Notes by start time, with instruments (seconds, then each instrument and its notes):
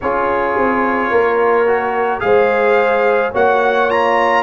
0.01 tuba C#4, trombone F4, horn G#4, trumpet C#5
0.57 tuba C4
1.10 tuba A#3, horn A#4
1.66 trombone F#4
2.19 tuba G#3, trombone G#4, horn C5, trumpet F5
3.32 tuba A#3, trombone F#4, horn C#5, trumpet F#5
3.89 trombone F4, trumpet A#5